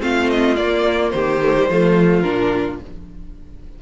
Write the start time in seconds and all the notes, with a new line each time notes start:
0.00 A3 C4 F4 F5
0.29 D#5
0.56 A#3 D5
1.10 D#3 G4 C5
1.41 A3
1.56 G3
1.68 F3 A3 F4
2.20 A#2 D4 A#4